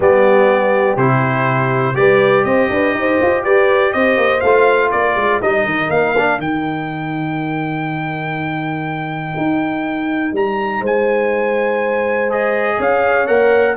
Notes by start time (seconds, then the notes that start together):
0.00 G3 B3 G4 D5
0.96 C3 E4 C5
1.94 G3 G4 B4 D5
2.44 C4 C5 D#5
2.69 D4 B4
2.94 D#4 C5
3.22 F4
3.44 G4 B4 D5
3.92 C4 C5 D#5
4.17 A#3
4.40 A3 F4 F5
4.89 A#3 A#4 D5
5.15 G#3
5.41 G3 D#4 D#5
5.64 D#3
5.89 A#3 F5
6.17 D4
6.38 D#3 D#4 G5
9.36 D#4
10.32 G3 A#5
10.80 G#3 C5 G#5
12.29 G#4 D#5
12.77 C#4 C#5 F5
13.26 A#3 A#4 F#5